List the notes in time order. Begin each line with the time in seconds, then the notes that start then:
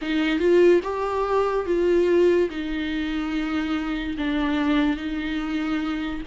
0.01 D#4
0.39 F4
0.83 G4
1.66 F4
2.50 D#4
4.17 D4
4.96 D#4